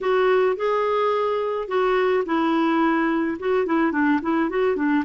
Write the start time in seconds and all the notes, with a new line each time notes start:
0.01 F#4
0.56 G#4
1.67 F#4
2.25 E4
3.39 F#4
3.66 E4
3.92 D4
4.22 E4
4.49 F#4
4.76 D4